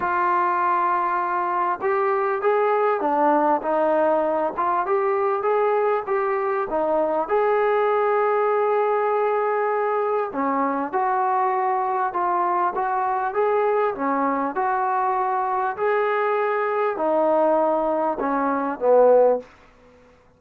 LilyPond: \new Staff \with { instrumentName = "trombone" } { \time 4/4 \tempo 4 = 99 f'2. g'4 | gis'4 d'4 dis'4. f'8 | g'4 gis'4 g'4 dis'4 | gis'1~ |
gis'4 cis'4 fis'2 | f'4 fis'4 gis'4 cis'4 | fis'2 gis'2 | dis'2 cis'4 b4 | }